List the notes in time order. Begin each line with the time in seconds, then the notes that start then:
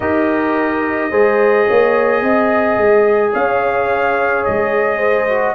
0.00 D#4 G4 A#4 D#5
1.10 G#3 G#4 C5
1.66 A#3 C#5
2.22 C4 D#5
2.77 G#3
3.33 C#4 C#5 F5
4.44 G#3 D#5
4.97 C5
5.28 F#4